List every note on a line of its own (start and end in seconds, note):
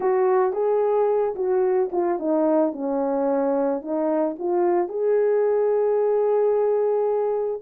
0.00 0.52 F#4
0.52 1.34 G#4
1.35 1.90 F#4
1.92 2.19 F4
2.19 2.72 D#4
2.72 3.81 C#4
3.81 4.36 D#4
4.39 4.88 F4
4.88 7.61 G#4